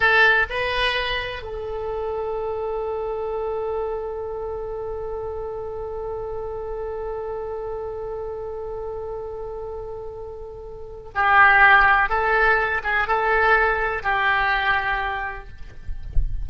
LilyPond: \new Staff \with { instrumentName = "oboe" } { \time 4/4 \tempo 4 = 124 a'4 b'2 a'4~ | a'1~ | a'1~ | a'1~ |
a'1~ | a'2. g'4~ | g'4 a'4. gis'8 a'4~ | a'4 g'2. | }